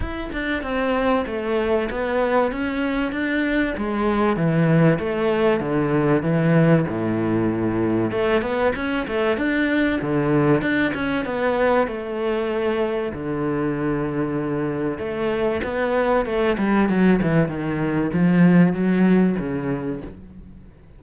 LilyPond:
\new Staff \with { instrumentName = "cello" } { \time 4/4 \tempo 4 = 96 e'8 d'8 c'4 a4 b4 | cis'4 d'4 gis4 e4 | a4 d4 e4 a,4~ | a,4 a8 b8 cis'8 a8 d'4 |
d4 d'8 cis'8 b4 a4~ | a4 d2. | a4 b4 a8 g8 fis8 e8 | dis4 f4 fis4 cis4 | }